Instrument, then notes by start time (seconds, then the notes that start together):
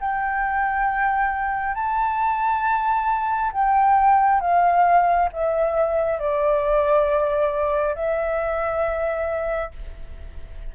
flute
0.00 G5
1.74 A5
3.52 G5
4.40 F5
5.32 E5
6.19 D5
7.95 E5